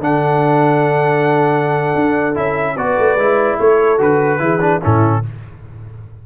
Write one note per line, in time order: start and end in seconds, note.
0.00 1.94 D3
0.00 2.35 D4
0.00 2.76 A4
0.00 2.37 F#5
1.96 2.37 D4
2.35 2.77 C#4
2.35 2.76 E4
2.35 2.77 E5
2.76 2.98 B3
2.76 3.19 F#4
2.76 3.58 B4
2.76 3.59 D5
2.99 3.16 A3
3.16 3.57 G#3
3.16 3.98 E4
3.59 4.00 A3
3.59 4.42 A4
3.59 4.01 C#5
3.98 4.40 D3
3.98 4.39 F#4
3.98 4.83 B4
4.39 4.81 E3
4.39 4.60 E4
4.39 4.82 G#4
4.61 4.81 D4
4.82 5.26 A2
4.82 5.23 C#4
4.82 5.23 E4
4.82 5.26 A4